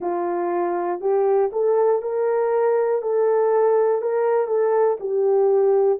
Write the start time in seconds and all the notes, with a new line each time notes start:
0.00 F4
1.00 G4
1.52 A4
2.02 A#4
3.01 A4
4.01 A#4
4.47 A4
5.00 G4